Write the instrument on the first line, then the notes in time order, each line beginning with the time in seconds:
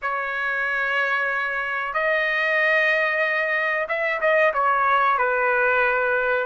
trumpet
0.02 C#5
1.93 D#5
3.88 E5
4.20 D#5
4.53 C#5
5.18 B4